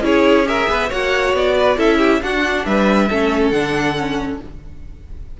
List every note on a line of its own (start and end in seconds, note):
0.00 0.66 C#4
0.00 0.44 E4
0.00 0.48 G#4
0.00 0.47 C#5
0.44 0.88 G#4
0.44 0.69 A#4
0.44 0.91 E5
0.68 0.90 B3
0.68 0.88 B4
0.88 1.33 A#3
0.88 1.77 F#4
0.88 1.54 C#5
0.88 1.35 F#5
1.33 1.77 B3
1.33 1.79 D5
1.57 1.77 B4
1.77 2.21 C#4
1.77 2.21 E4
1.77 1.97 A4
1.77 2.22 E5
1.97 2.19 G4
2.21 3.09 D4
2.21 2.65 D4
2.21 2.66 F#4
2.21 2.65 F#5
2.65 3.09 G3
2.65 3.09 B4
2.65 3.49 E5
3.09 3.52 A3
3.09 3.53 C#4
3.09 4.40 A4
3.49 4.39 D3
3.49 3.96 D4
3.49 4.37 F#5
3.96 4.40 C#4